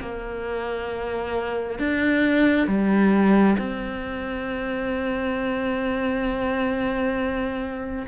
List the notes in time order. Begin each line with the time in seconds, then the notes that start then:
0.00 A#3
1.79 D4
2.67 G3
3.58 C4